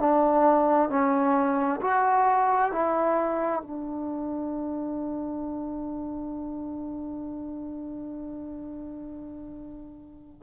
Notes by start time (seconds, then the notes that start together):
0.00 D4
0.90 C#4
1.81 F#4
2.72 E4
3.62 D4